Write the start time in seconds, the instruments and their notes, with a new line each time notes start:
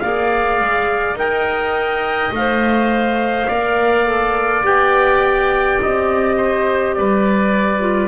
0.00 double bass A#3, clarinet G#4, oboe D5, trumpet F5
0.60 double bass G#3
1.15 double bass D#4, clarinet A#4, trumpet G5
1.21 oboe D#5
2.31 double bass A3, trumpet F5
2.38 clarinet C5
3.48 double bass A#3, clarinet A#4, oboe D5
4.06 clarinet A4
4.63 double bass B3, clarinet G4, trumpet G5
5.82 double bass C4, trumpet D#5
6.37 oboe C5
6.94 double bass G3, oboe B4, trumpet D5
7.80 clarinet F4